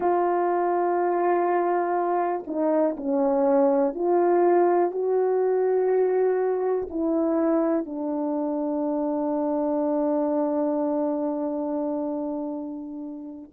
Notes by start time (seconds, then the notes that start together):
0.00 F4
2.46 D#4
2.96 C#4
3.94 F4
4.91 F#4
6.89 E4
7.85 D4